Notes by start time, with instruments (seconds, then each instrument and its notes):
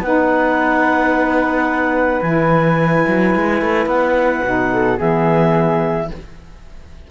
0.00 cello B3, saxophone D#4, flute B4, clarinet F#5
2.22 cello E3, saxophone E4, clarinet G#5
3.08 cello F#3
3.35 cello G#3
3.62 cello A3
3.86 cello B3, clarinet F#5
4.44 cello B2, saxophone D#4
4.73 flute A4
4.98 cello E3, saxophone B3, flute G#4, clarinet E5